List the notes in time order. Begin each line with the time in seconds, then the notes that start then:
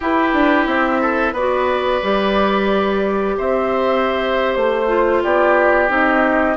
0.00 E4 G4 B4
0.33 D4
0.66 C4 E5
1.01 A4
1.32 B3 F#4 B4 D5
2.02 G3 G4
3.37 C4 C5 E5
4.54 A3 C5
4.87 F4
5.23 B3 G4 D5
5.88 C4 D#4 D#5